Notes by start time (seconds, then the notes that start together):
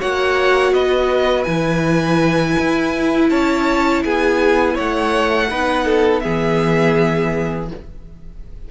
0.00 A#3 F#4 C#5 F#5
0.73 B3 B4 D#5
1.44 E3 E4 G#5
2.59 E4
3.30 C#4 C#5 A5
4.05 B3 G#4 G#5
4.75 A3 C#5 F#5
5.51 B3 D#4 B4
5.86 A4
6.20 E3 B3 G#4 E5